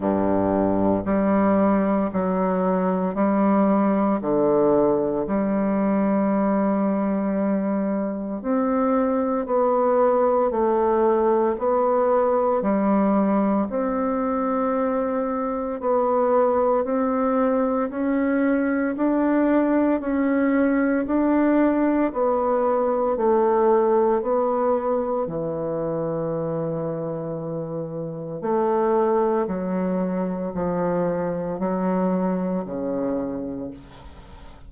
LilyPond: \new Staff \with { instrumentName = "bassoon" } { \time 4/4 \tempo 4 = 57 g,4 g4 fis4 g4 | d4 g2. | c'4 b4 a4 b4 | g4 c'2 b4 |
c'4 cis'4 d'4 cis'4 | d'4 b4 a4 b4 | e2. a4 | fis4 f4 fis4 cis4 | }